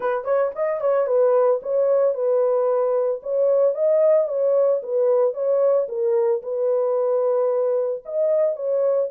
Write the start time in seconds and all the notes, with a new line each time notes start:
0.00 B4
0.24 C#5
0.55 D#5
0.80 C#5
1.06 B4
1.62 C#5
2.14 B4
3.22 C#5
3.74 D#5
4.28 C#5
4.82 B4
5.33 C#5
5.88 A#4
6.42 B4
8.05 D#5
8.56 C#5